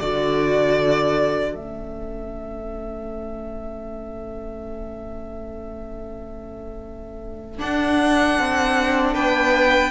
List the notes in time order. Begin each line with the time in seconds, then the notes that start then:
0.00 D3 F#4 A4 D5
1.55 A3 C#4 E5
7.59 D4 F#5
8.39 C4
9.14 B3 B4 G5